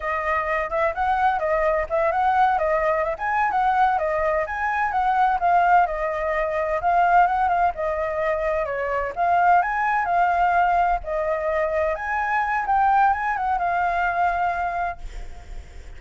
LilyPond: \new Staff \with { instrumentName = "flute" } { \time 4/4 \tempo 4 = 128 dis''4. e''8 fis''4 dis''4 | e''8 fis''4 dis''4 e''16 gis''8. fis''8~ | fis''8 dis''4 gis''4 fis''4 f''8~ | f''8 dis''2 f''4 fis''8 |
f''8 dis''2 cis''4 f''8~ | f''8 gis''4 f''2 dis''8~ | dis''4. gis''4. g''4 | gis''8 fis''8 f''2. | }